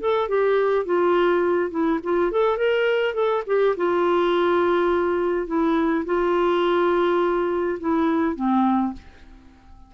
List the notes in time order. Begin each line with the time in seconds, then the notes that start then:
0.00 A4
0.28 G4
0.85 F4
1.70 E4
2.03 F4
2.31 A4
2.57 A#4
3.14 A4
3.46 G4
3.76 F4
5.47 E4
6.05 F4
7.79 E4
8.35 C4